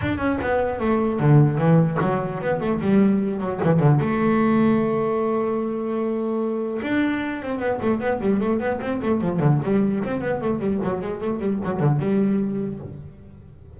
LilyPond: \new Staff \with { instrumentName = "double bass" } { \time 4/4 \tempo 4 = 150 d'8 cis'8 b4 a4 d4 | e4 fis4 b8 a8 g4~ | g8 fis8 e8 d8 a2~ | a1~ |
a4 d'4. c'8 b8 a8 | b8 g8 a8 b8 c'8 a8 f8 d8 | g4 c'8 b8 a8 g8 fis8 gis8 | a8 g8 fis8 d8 g2 | }